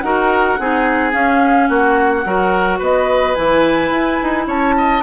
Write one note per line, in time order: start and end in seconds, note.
0.00 0.58 D#4
0.00 0.58 F#4
0.00 0.59 A#4
0.00 1.11 F#5
0.59 1.14 C4
0.59 1.11 D#4
0.59 1.69 G#4
1.11 2.23 C#4
1.11 1.69 C#4
1.11 1.68 F5
1.68 2.25 A#3
1.68 2.25 F#4
1.68 2.79 F#5
2.25 2.80 F#3
2.25 3.35 F#4
2.25 2.79 A#4
2.79 3.36 B3
2.79 4.45 B4
2.79 3.34 D#5
3.34 3.91 E3
3.34 5.02 E4
3.34 4.45 G#5
3.91 4.18 E4
4.22 4.47 D#4
4.47 5.02 C#4
4.47 4.75 C#5
4.47 5.03 A5
4.77 5.03 D#5